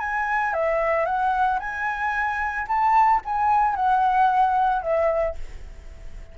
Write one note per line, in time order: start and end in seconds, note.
0.00 0.53 G#5
0.53 1.05 E5
1.05 1.59 F#5
1.59 2.67 G#5
2.68 3.21 A5
3.25 3.75 G#5
3.75 4.82 F#5
4.82 5.36 E5